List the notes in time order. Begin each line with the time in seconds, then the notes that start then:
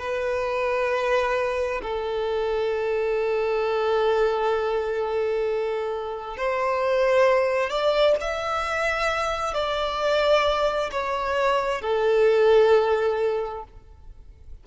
0.00 B4
1.83 A4
6.38 C5
7.70 D5
8.21 E5
9.54 D5
10.92 C#5
11.82 A4